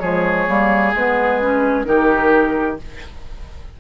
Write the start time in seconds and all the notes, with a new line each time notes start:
0.00 F3 G#3 G#4 C#5
0.47 G3 A#3
0.94 G#3 B3 B4
1.41 C#4
1.85 D#3 D#4 G4 A#4